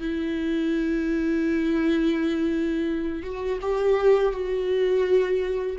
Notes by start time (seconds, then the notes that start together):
0.00 E4
3.23 F#4
3.61 G4
4.32 F#4